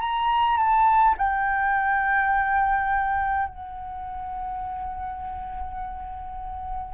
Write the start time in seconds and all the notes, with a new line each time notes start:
0.00 A#5
0.57 A5
1.17 G5
3.48 F#5